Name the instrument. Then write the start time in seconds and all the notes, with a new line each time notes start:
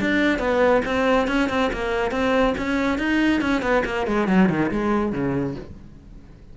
cello
0.00 D4
0.39 B3
0.85 C4
1.27 C#4
1.49 C4
1.73 A#3
2.11 C4
2.57 C#4
2.98 D#4
3.41 C#4
3.61 B3
3.85 A#3
4.06 G#3
4.27 F#3
4.49 D#3
4.71 G#3
5.12 C#3